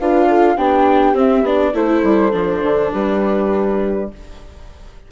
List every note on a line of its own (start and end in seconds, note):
0.00 0.57 D4
0.00 0.57 F4
0.00 0.29 B4
0.00 0.57 F5
0.29 0.57 A4
0.57 1.13 B3
0.57 1.15 D4
0.57 1.73 G4
0.57 1.16 G5
1.13 1.42 C4
1.13 1.44 C4
1.13 1.47 E5
1.42 1.72 B3
1.42 1.74 D4
1.42 1.76 D5
1.73 2.03 A3
1.73 2.31 E4
1.73 2.91 A4
1.73 2.93 C5
2.03 2.33 G3
2.31 2.62 F3
2.31 4.08 D4
2.62 2.92 D3
2.93 4.11 G3
2.93 4.10 G4
2.93 4.11 B4